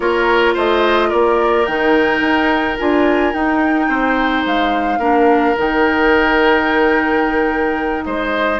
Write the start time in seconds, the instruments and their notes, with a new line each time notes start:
0.00 bassoon A#3, clarinet F4, oboe A#4, flute C#5
0.54 bassoon A3, oboe C5, flute D#5
1.08 bassoon A#3, oboe A#4, flute D5
1.66 bassoon D#3, clarinet D#4, flute G5
2.20 bassoon D#4
2.78 bassoon D4, clarinet F4, flute G#5
3.33 bassoon D#4, clarinet D#4, flute G5
3.88 bassoon C4, oboe C5
4.45 bassoon G#3, flute F5
4.98 bassoon A#3, clarinet D4, oboe A#4
5.57 bassoon D#3, clarinet D#4, flute G5
8.04 bassoon G#3, oboe C5, flute D#5